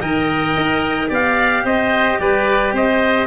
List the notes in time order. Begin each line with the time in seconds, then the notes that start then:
0.00 D#3 A#4 D#5 G5
0.56 D#4
1.08 B3 G4 D5 F5
1.64 C4 C5 D#5
2.19 G3 B4 D5
2.72 C4 C5 D#5